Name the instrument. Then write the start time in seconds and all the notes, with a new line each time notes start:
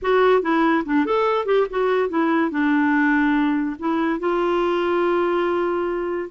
clarinet
0.02 F#4
0.42 E4
0.85 D4
1.05 A4
1.45 G4
1.70 F#4
2.09 E4
2.50 D4
3.79 E4
4.19 F4